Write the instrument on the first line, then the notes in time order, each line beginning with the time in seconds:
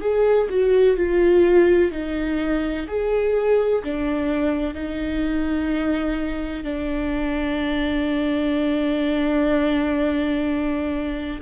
viola
0.00 G#4
0.49 F#4
0.97 F4
1.91 D#4
2.87 G#4
3.84 D4
4.74 D#4
6.64 D4